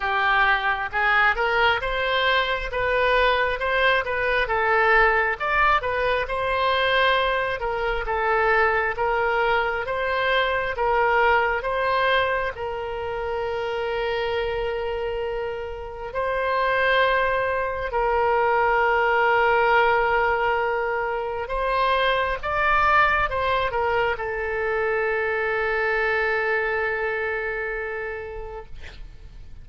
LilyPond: \new Staff \with { instrumentName = "oboe" } { \time 4/4 \tempo 4 = 67 g'4 gis'8 ais'8 c''4 b'4 | c''8 b'8 a'4 d''8 b'8 c''4~ | c''8 ais'8 a'4 ais'4 c''4 | ais'4 c''4 ais'2~ |
ais'2 c''2 | ais'1 | c''4 d''4 c''8 ais'8 a'4~ | a'1 | }